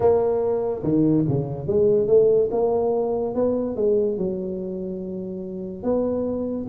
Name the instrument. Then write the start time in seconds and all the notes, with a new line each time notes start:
tuba
0.00 A#3
0.83 D#3
1.28 C#3
1.67 G#3
2.07 A3
2.51 A#3
3.34 B3
3.76 G#3
4.17 F#3
5.83 B3